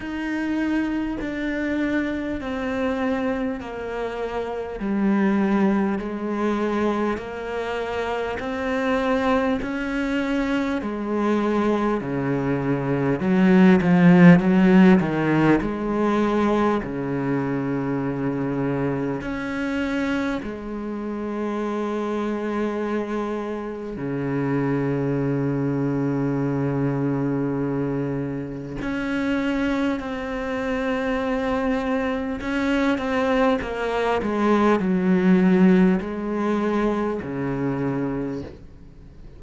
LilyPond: \new Staff \with { instrumentName = "cello" } { \time 4/4 \tempo 4 = 50 dis'4 d'4 c'4 ais4 | g4 gis4 ais4 c'4 | cis'4 gis4 cis4 fis8 f8 | fis8 dis8 gis4 cis2 |
cis'4 gis2. | cis1 | cis'4 c'2 cis'8 c'8 | ais8 gis8 fis4 gis4 cis4 | }